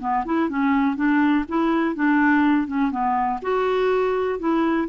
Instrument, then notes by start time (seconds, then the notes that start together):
clarinet
0.00 B3
0.25 E4
0.49 C#4
0.96 D4
1.49 E4
1.95 D4
2.67 C#4
2.91 B3
3.42 F#4
4.39 E4